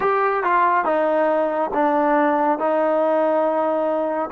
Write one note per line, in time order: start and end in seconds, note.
0.00 0.43 G4
0.43 0.85 F4
0.85 1.70 D#4
1.73 2.58 D4
2.58 4.30 D#4